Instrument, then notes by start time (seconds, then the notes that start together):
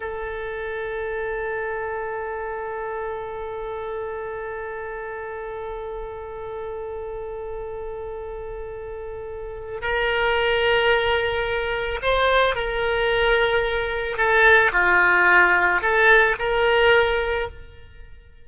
oboe
0.00 A4
9.81 A#4
12.02 C5
12.55 A#4
14.17 A4
14.72 F4
15.81 A4
16.39 A#4